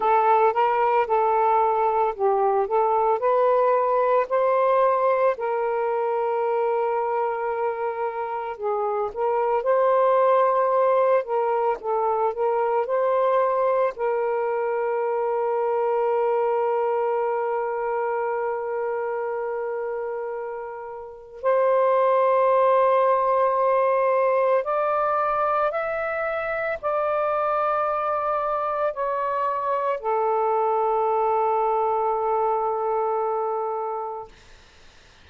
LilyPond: \new Staff \with { instrumentName = "saxophone" } { \time 4/4 \tempo 4 = 56 a'8 ais'8 a'4 g'8 a'8 b'4 | c''4 ais'2. | gis'8 ais'8 c''4. ais'8 a'8 ais'8 | c''4 ais'2.~ |
ais'1 | c''2. d''4 | e''4 d''2 cis''4 | a'1 | }